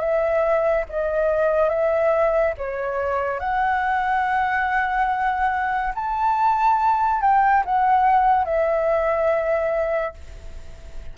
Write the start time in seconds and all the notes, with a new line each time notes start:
0.00 E5
0.90 D#5
1.69 E5
2.58 C#5
3.40 F#5
5.95 A5
7.21 G5
7.66 F#5
8.45 E5